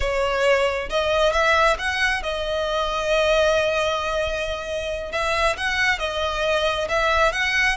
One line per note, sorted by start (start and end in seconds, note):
0.00 0.89 C#5
0.89 1.32 D#5
1.32 1.76 E5
1.78 2.22 F#5
2.22 5.11 D#5
5.11 5.56 E5
5.57 5.99 F#5
5.99 6.87 D#5
6.88 7.32 E5
7.32 7.76 F#5